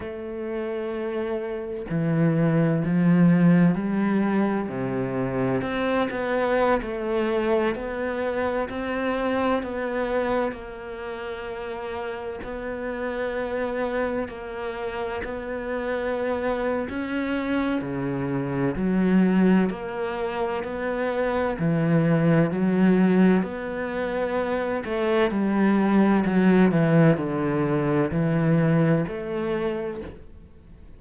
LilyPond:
\new Staff \with { instrumentName = "cello" } { \time 4/4 \tempo 4 = 64 a2 e4 f4 | g4 c4 c'8 b8. a8.~ | a16 b4 c'4 b4 ais8.~ | ais4~ ais16 b2 ais8.~ |
ais16 b4.~ b16 cis'4 cis4 | fis4 ais4 b4 e4 | fis4 b4. a8 g4 | fis8 e8 d4 e4 a4 | }